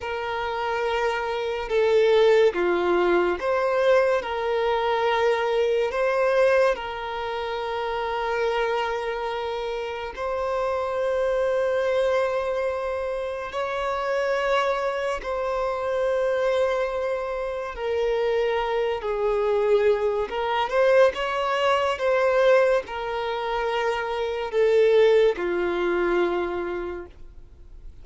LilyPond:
\new Staff \with { instrumentName = "violin" } { \time 4/4 \tempo 4 = 71 ais'2 a'4 f'4 | c''4 ais'2 c''4 | ais'1 | c''1 |
cis''2 c''2~ | c''4 ais'4. gis'4. | ais'8 c''8 cis''4 c''4 ais'4~ | ais'4 a'4 f'2 | }